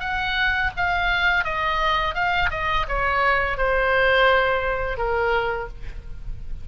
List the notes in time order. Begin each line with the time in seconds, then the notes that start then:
0.00 F#5
0.77 F5
1.44 D#5
2.15 F5
2.51 D#5
2.88 C#5
3.57 C5
4.98 A#4